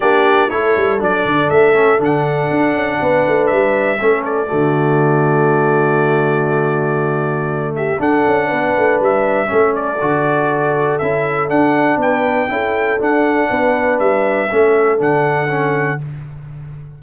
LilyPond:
<<
  \new Staff \with { instrumentName = "trumpet" } { \time 4/4 \tempo 4 = 120 d''4 cis''4 d''4 e''4 | fis''2. e''4~ | e''8 d''2.~ d''8~ | d''2.~ d''8 e''8 |
fis''2 e''4. d''8~ | d''2 e''4 fis''4 | g''2 fis''2 | e''2 fis''2 | }
  \new Staff \with { instrumentName = "horn" } { \time 4/4 g'4 a'2.~ | a'2 b'2 | a'4 fis'2.~ | fis'2.~ fis'8 g'8 |
a'4 b'2 a'4~ | a'1 | b'4 a'2 b'4~ | b'4 a'2. | }
  \new Staff \with { instrumentName = "trombone" } { \time 4/4 d'4 e'4 d'4. cis'8 | d'1 | cis'4 a2.~ | a1 |
d'2. cis'4 | fis'2 e'4 d'4~ | d'4 e'4 d'2~ | d'4 cis'4 d'4 cis'4 | }
  \new Staff \with { instrumentName = "tuba" } { \time 4/4 ais4 a8 g8 fis8 d8 a4 | d4 d'8 cis'8 b8 a8 g4 | a4 d2.~ | d1 |
d'8 cis'8 b8 a8 g4 a4 | d2 cis'4 d'4 | b4 cis'4 d'4 b4 | g4 a4 d2 | }
>>